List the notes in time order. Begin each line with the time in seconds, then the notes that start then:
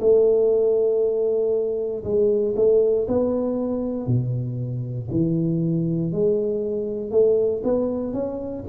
0.00 A3
2.04 G#3
2.56 A3
3.07 B3
4.06 B2
5.11 E3
6.12 G#3
7.10 A3
7.64 B3
8.13 C#4